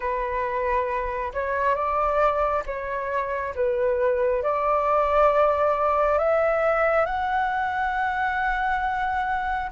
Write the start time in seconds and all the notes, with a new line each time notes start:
0.00 B4
1.33 C#5
1.74 D5
2.66 C#5
3.55 B4
4.42 D5
6.18 E5
7.05 F#5